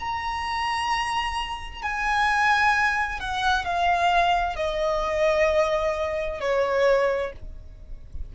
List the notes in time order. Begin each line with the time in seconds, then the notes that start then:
0.00 A#5
1.83 G#5
3.20 F#5
3.65 F5
4.57 D#5
6.41 C#5